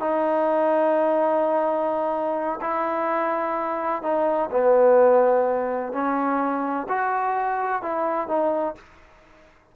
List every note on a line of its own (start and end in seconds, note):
0.00 2.60 D#4
2.61 4.03 E4
4.03 4.50 D#4
4.51 5.92 B3
5.92 6.87 C#4
6.89 7.82 F#4
7.82 8.28 E4
8.28 8.75 D#4